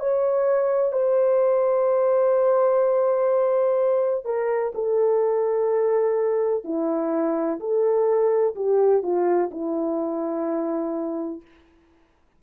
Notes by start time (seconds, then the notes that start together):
0.00 C#5
0.92 C5
4.25 A#4
4.74 A4
6.64 E4
7.60 A4
8.55 G4
9.03 F4
9.51 E4